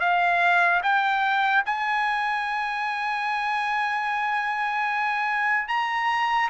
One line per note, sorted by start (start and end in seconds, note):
0.00 0.81 F5
0.83 1.64 G5
1.65 5.68 G#5
5.68 6.49 A#5